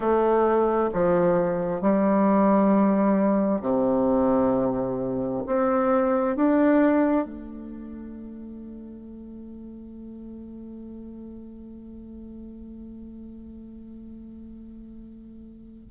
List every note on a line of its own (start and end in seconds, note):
0.00 0.90 A3
0.93 1.81 F3
1.81 3.61 G3
3.61 5.43 C3
5.46 6.36 C4
6.36 7.25 D4
7.25 15.89 A3